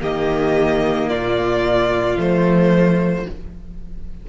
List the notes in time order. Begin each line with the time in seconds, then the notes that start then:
0.00 D#3 A#3 G4 D#5
1.09 A#2 F4 D5
2.17 F3 A3 C5